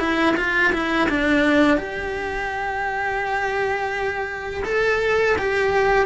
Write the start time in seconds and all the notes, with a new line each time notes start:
0.00 E4
0.37 F4
0.73 E4
1.10 D4
1.78 G4
4.65 A4
5.39 G4